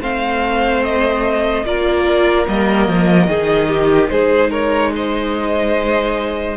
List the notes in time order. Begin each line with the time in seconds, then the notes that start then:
0.00 A3 C4 C5 F5
0.83 D#5
1.64 A#3 F4 A#4 D5
2.47 G3 A#3 D#5
2.87 F3
3.26 D#3 D#4 G#4
3.68 G4
4.09 G#3 G#4 C5
4.49 A#4 C#5
4.94 C5 D#5